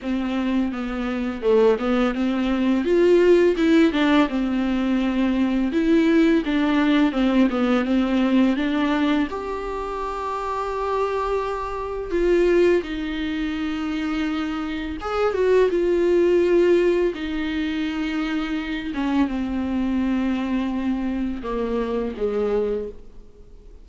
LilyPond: \new Staff \with { instrumentName = "viola" } { \time 4/4 \tempo 4 = 84 c'4 b4 a8 b8 c'4 | f'4 e'8 d'8 c'2 | e'4 d'4 c'8 b8 c'4 | d'4 g'2.~ |
g'4 f'4 dis'2~ | dis'4 gis'8 fis'8 f'2 | dis'2~ dis'8 cis'8 c'4~ | c'2 ais4 gis4 | }